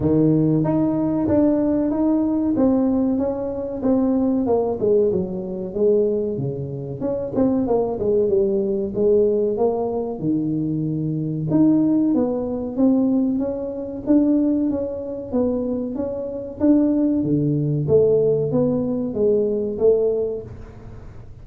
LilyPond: \new Staff \with { instrumentName = "tuba" } { \time 4/4 \tempo 4 = 94 dis4 dis'4 d'4 dis'4 | c'4 cis'4 c'4 ais8 gis8 | fis4 gis4 cis4 cis'8 c'8 | ais8 gis8 g4 gis4 ais4 |
dis2 dis'4 b4 | c'4 cis'4 d'4 cis'4 | b4 cis'4 d'4 d4 | a4 b4 gis4 a4 | }